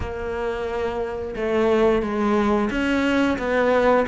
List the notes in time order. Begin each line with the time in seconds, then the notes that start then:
0.00 A#3
1.35 A3
2.02 G#3
2.70 C#4
3.38 B3